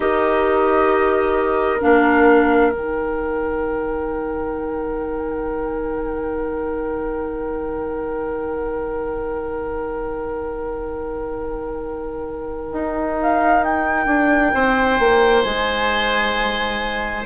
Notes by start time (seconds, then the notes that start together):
0.00 D#4 G4 A#4 D#5
1.81 A#3 D4 F5
2.72 D#3 D#4 G5
12.72 D#4
13.21 F5
13.64 G5
14.06 D4
14.54 C4 C5
14.99 A#3
15.42 G#3 G#5